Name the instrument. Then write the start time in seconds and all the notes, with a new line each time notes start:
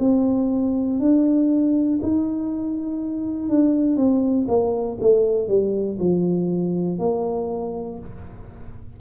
tuba
0.00 C4
1.00 D4
2.03 D#4
3.49 D4
3.97 C4
4.48 A#3
5.01 A3
5.48 G3
5.99 F3
6.99 A#3